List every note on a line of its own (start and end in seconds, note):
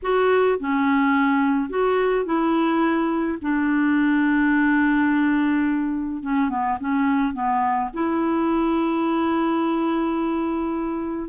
0.02 0.59 F#4
0.59 1.69 C#4
1.69 2.25 F#4
2.25 3.38 E4
3.41 6.23 D4
6.23 6.49 C#4
6.49 6.78 B3
6.80 7.33 C#4
7.33 7.90 B3
7.93 11.29 E4